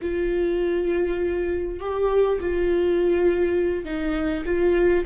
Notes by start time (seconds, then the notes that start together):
0.01 F4
1.80 G4
2.40 F4
3.84 D#4
4.45 F4